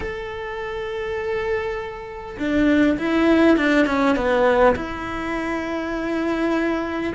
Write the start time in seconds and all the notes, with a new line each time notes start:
0.00 A4
2.38 D4
2.98 E4
3.57 D4
3.86 C#4
4.16 B3
4.75 E4